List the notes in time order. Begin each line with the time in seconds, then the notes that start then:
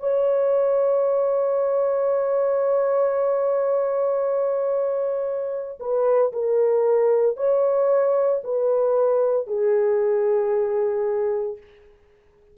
0.00 C#5
5.80 B4
6.33 A#4
7.37 C#5
8.44 B4
9.47 G#4